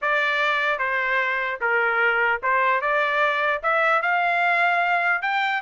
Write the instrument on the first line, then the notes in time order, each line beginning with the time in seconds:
trumpet
0.01 D5
0.79 C5
1.60 A#4
2.42 C5
2.81 D5
3.62 E5
4.01 F5
5.21 G5